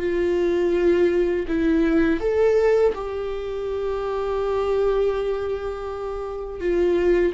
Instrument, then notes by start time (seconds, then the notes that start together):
viola
0.00 F4
1.48 E4
2.20 A4
2.95 G4
6.60 F4